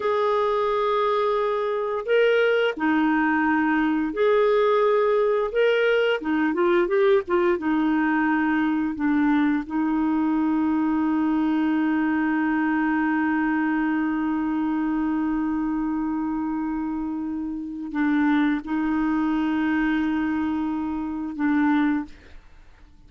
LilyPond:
\new Staff \with { instrumentName = "clarinet" } { \time 4/4 \tempo 4 = 87 gis'2. ais'4 | dis'2 gis'2 | ais'4 dis'8 f'8 g'8 f'8 dis'4~ | dis'4 d'4 dis'2~ |
dis'1~ | dis'1~ | dis'2 d'4 dis'4~ | dis'2. d'4 | }